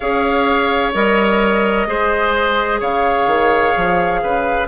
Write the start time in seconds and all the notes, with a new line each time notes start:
0.00 C#4 G#4 C#5 F5
0.93 G3 A#4 D#5
1.87 G#3 G#4 C5
2.79 C#3 C#5 F5
3.26 D#3
3.76 F3
4.22 C#3 B4